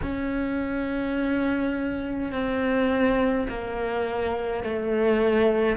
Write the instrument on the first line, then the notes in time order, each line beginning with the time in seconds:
cello
0.02 C#4
2.31 C4
3.49 A#3
4.63 A3